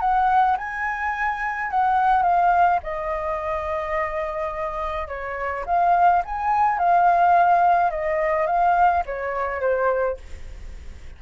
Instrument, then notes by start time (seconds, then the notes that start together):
flute
0.00 F#5
0.57 G#5
1.71 F#5
2.23 F5
2.83 D#5
5.08 C#5
5.66 F5
6.25 G#5
6.79 F5
7.90 D#5
8.47 F5
9.06 C#5
9.60 C5